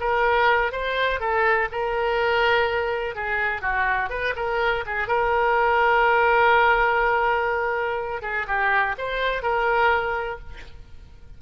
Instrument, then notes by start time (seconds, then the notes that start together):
oboe
0.00 A#4
0.72 C5
1.20 A4
1.72 A#4
3.15 G#4
3.62 F#4
4.10 B4
4.36 A#4
4.86 G#4
5.07 A#4
8.22 G#4
8.47 G4
8.98 C5
9.43 A#4